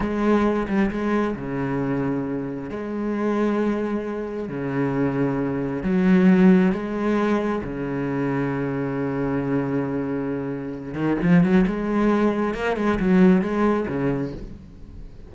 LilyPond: \new Staff \with { instrumentName = "cello" } { \time 4/4 \tempo 4 = 134 gis4. g8 gis4 cis4~ | cis2 gis2~ | gis2 cis2~ | cis4 fis2 gis4~ |
gis4 cis2.~ | cis1~ | cis8 dis8 f8 fis8 gis2 | ais8 gis8 fis4 gis4 cis4 | }